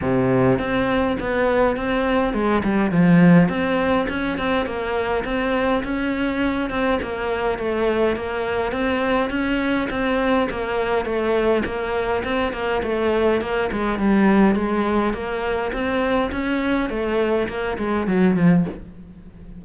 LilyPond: \new Staff \with { instrumentName = "cello" } { \time 4/4 \tempo 4 = 103 c4 c'4 b4 c'4 | gis8 g8 f4 c'4 cis'8 c'8 | ais4 c'4 cis'4. c'8 | ais4 a4 ais4 c'4 |
cis'4 c'4 ais4 a4 | ais4 c'8 ais8 a4 ais8 gis8 | g4 gis4 ais4 c'4 | cis'4 a4 ais8 gis8 fis8 f8 | }